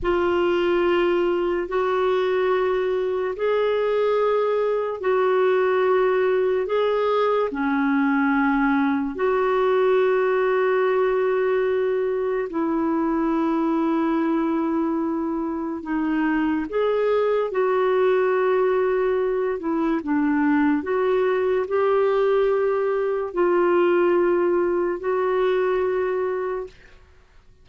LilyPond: \new Staff \with { instrumentName = "clarinet" } { \time 4/4 \tempo 4 = 72 f'2 fis'2 | gis'2 fis'2 | gis'4 cis'2 fis'4~ | fis'2. e'4~ |
e'2. dis'4 | gis'4 fis'2~ fis'8 e'8 | d'4 fis'4 g'2 | f'2 fis'2 | }